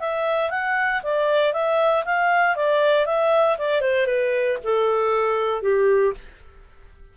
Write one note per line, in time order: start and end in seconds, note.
0.00 0.51 E5
0.51 1.02 F#5
1.03 1.53 D5
1.53 2.04 E5
2.05 2.56 F5
2.56 3.06 D5
3.06 3.57 E5
3.58 3.81 D5
3.81 4.07 C5
4.07 4.58 B4
4.64 5.62 A4
5.62 6.14 G4